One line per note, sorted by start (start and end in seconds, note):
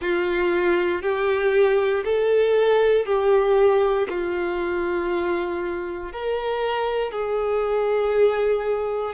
0.00 1.02 F4
1.02 2.03 G4
2.04 3.05 A4
3.05 4.07 G4
4.09 6.12 F4
6.12 7.11 A#4
7.11 9.14 G#4